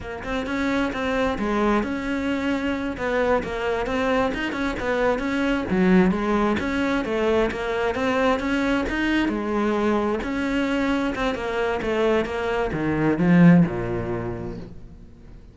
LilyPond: \new Staff \with { instrumentName = "cello" } { \time 4/4 \tempo 4 = 132 ais8 c'8 cis'4 c'4 gis4 | cis'2~ cis'8 b4 ais8~ | ais8 c'4 dis'8 cis'8 b4 cis'8~ | cis'8 fis4 gis4 cis'4 a8~ |
a8 ais4 c'4 cis'4 dis'8~ | dis'8 gis2 cis'4.~ | cis'8 c'8 ais4 a4 ais4 | dis4 f4 ais,2 | }